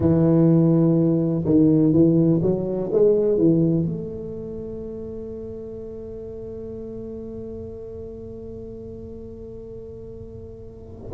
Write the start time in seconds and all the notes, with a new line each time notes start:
0.00 E3
1.45 D#3
1.92 E3
2.42 F#3
2.92 G#3
3.37 E3
3.85 A3